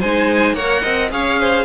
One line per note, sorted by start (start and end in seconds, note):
0.00 0.53 G#3
0.00 0.58 D#4
0.00 0.55 C5
0.00 0.55 G#5
0.53 0.81 A#3
0.53 1.10 A#4
0.53 0.83 C#5
0.53 1.10 F#5
0.83 1.11 C4
0.83 1.10 D#5
1.10 1.65 C#4
1.10 1.65 G#4
1.10 1.41 C#5
1.10 1.65 F5
1.41 1.65 C5